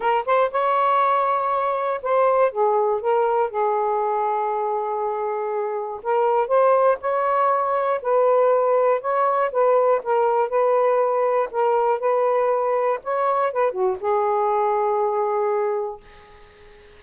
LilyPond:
\new Staff \with { instrumentName = "saxophone" } { \time 4/4 \tempo 4 = 120 ais'8 c''8 cis''2. | c''4 gis'4 ais'4 gis'4~ | gis'1 | ais'4 c''4 cis''2 |
b'2 cis''4 b'4 | ais'4 b'2 ais'4 | b'2 cis''4 b'8 fis'8 | gis'1 | }